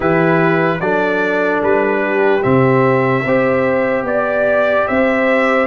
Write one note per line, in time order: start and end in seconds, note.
0.00 0.80 E3
0.00 0.80 E4
0.00 0.78 G4
0.00 0.80 B4
0.80 1.61 F#3
0.80 2.42 D4
0.80 2.02 A4
0.80 1.61 D5
1.61 2.43 G3
1.61 2.42 B4
2.02 3.24 G4
2.42 3.25 C3
2.42 3.23 C4
2.42 4.05 E5
3.24 4.02 C4
3.24 5.66 G4
3.24 4.05 C5
4.02 4.83 B3
4.02 4.87 D5
4.87 5.66 C4
4.87 5.66 C5
4.87 5.66 E5